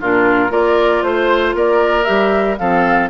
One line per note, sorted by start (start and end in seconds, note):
0.00 0.50 A#2
0.00 0.49 D4
0.00 0.51 F4
0.00 0.52 A#4
0.49 1.02 A#3
0.49 2.04 F4
0.49 1.03 A#4
0.49 1.02 D5
1.02 1.54 A3
1.02 1.54 C5
1.02 1.55 C5
1.54 2.05 A#3
1.54 2.59 A#4
1.54 2.04 D5
2.04 2.59 G3
2.04 2.56 G4
2.04 2.56 E5
2.57 3.09 F3
2.57 3.09 C4
2.57 3.09 A4
2.57 3.09 F5